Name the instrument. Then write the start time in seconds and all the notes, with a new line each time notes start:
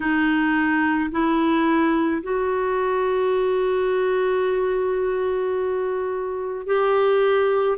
clarinet
0.00 D#4
1.11 E4
2.22 F#4
6.66 G4